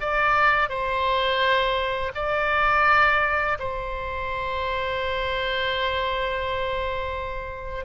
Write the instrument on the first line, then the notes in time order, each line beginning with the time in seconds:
oboe
0.00 D5
0.69 C5
2.15 D5
3.59 C5